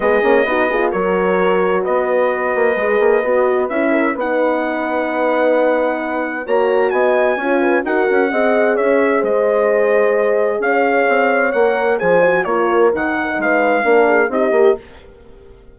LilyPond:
<<
  \new Staff \with { instrumentName = "trumpet" } { \time 4/4 \tempo 4 = 130 dis''2 cis''2 | dis''1 | e''4 fis''2.~ | fis''2 ais''4 gis''4~ |
gis''4 fis''2 e''4 | dis''2. f''4~ | f''4 fis''4 gis''4 cis''4 | fis''4 f''2 dis''4 | }
  \new Staff \with { instrumentName = "horn" } { \time 4/4 gis'4 fis'8 gis'8 ais'2 | b'1~ | b'8 ais'8 b'2.~ | b'2 cis''4 dis''4 |
cis''8 b'8 ais'4 dis''4 cis''4 | c''2. cis''4~ | cis''2 c''4 ais'4~ | ais'4 b'4 ais'8 gis'8 g'4 | }
  \new Staff \with { instrumentName = "horn" } { \time 4/4 b8 cis'8 dis'8 f'8 fis'2~ | fis'2 gis'4 fis'4 | e'4 dis'2.~ | dis'2 fis'2 |
f'4 fis'4 gis'2~ | gis'1~ | gis'4 ais'4 gis'8 fis'8 f'4 | dis'2 d'4 dis'8 g'8 | }
  \new Staff \with { instrumentName = "bassoon" } { \time 4/4 gis8 ais8 b4 fis2 | b4. ais8 gis8 ais8 b4 | cis'4 b2.~ | b2 ais4 b4 |
cis'4 dis'8 cis'8 c'4 cis'4 | gis2. cis'4 | c'4 ais4 f4 ais4 | dis4 gis4 ais4 c'8 ais8 | }
>>